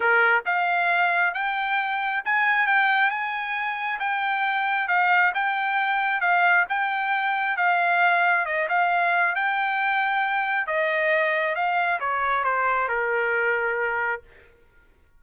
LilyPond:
\new Staff \with { instrumentName = "trumpet" } { \time 4/4 \tempo 4 = 135 ais'4 f''2 g''4~ | g''4 gis''4 g''4 gis''4~ | gis''4 g''2 f''4 | g''2 f''4 g''4~ |
g''4 f''2 dis''8 f''8~ | f''4 g''2. | dis''2 f''4 cis''4 | c''4 ais'2. | }